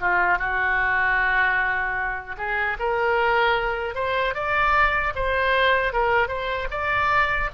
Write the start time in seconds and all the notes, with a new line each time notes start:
0.00 F4
0.38 F#4
2.37 G#4
2.78 A#4
3.94 C5
4.34 D5
5.15 C5
5.92 A#4
6.28 C5
6.70 D5